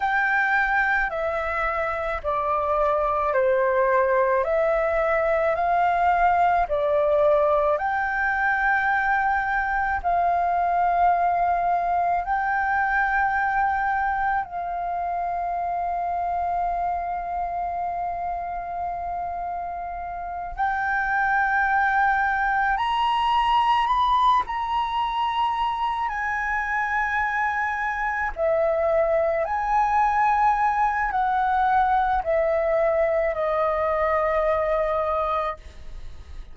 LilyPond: \new Staff \with { instrumentName = "flute" } { \time 4/4 \tempo 4 = 54 g''4 e''4 d''4 c''4 | e''4 f''4 d''4 g''4~ | g''4 f''2 g''4~ | g''4 f''2.~ |
f''2~ f''8 g''4.~ | g''8 ais''4 b''8 ais''4. gis''8~ | gis''4. e''4 gis''4. | fis''4 e''4 dis''2 | }